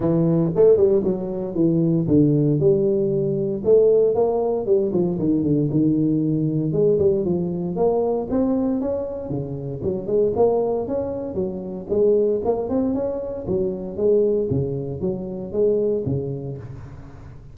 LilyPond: \new Staff \with { instrumentName = "tuba" } { \time 4/4 \tempo 4 = 116 e4 a8 g8 fis4 e4 | d4 g2 a4 | ais4 g8 f8 dis8 d8 dis4~ | dis4 gis8 g8 f4 ais4 |
c'4 cis'4 cis4 fis8 gis8 | ais4 cis'4 fis4 gis4 | ais8 c'8 cis'4 fis4 gis4 | cis4 fis4 gis4 cis4 | }